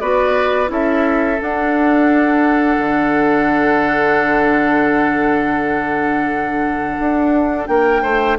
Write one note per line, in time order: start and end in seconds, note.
0.00 0.70 B3
0.00 0.67 F#4
0.00 0.71 B4
0.00 0.70 D5
0.67 1.40 C#4
0.67 1.37 E4
0.67 7.70 A4
0.67 1.42 E5
1.42 2.79 D4
1.42 8.39 D4
1.42 7.68 F#5
2.79 6.97 D3
7.00 7.69 D4
7.68 8.03 A#3
7.68 8.03 A#4
7.68 8.37 G5
8.03 8.38 A3
8.03 8.38 C5